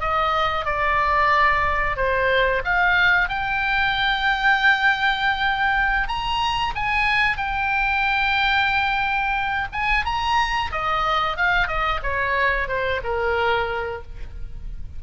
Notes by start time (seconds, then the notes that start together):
0.00 D#5
0.65 D5
1.96 C5
2.64 F5
3.28 G5
6.07 A#5
6.75 G#5
7.37 G5
9.72 G#5
10.05 A#5
10.71 D#5
11.36 F5
11.67 D#5
12.02 C#5
12.67 C5
13.03 A#4